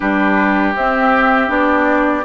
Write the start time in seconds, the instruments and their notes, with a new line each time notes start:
0.00 bassoon G3, clarinet D4, oboe G4, flute B4
0.75 bassoon C4, clarinet C4, flute E5
1.47 bassoon B3, clarinet D4, flute D5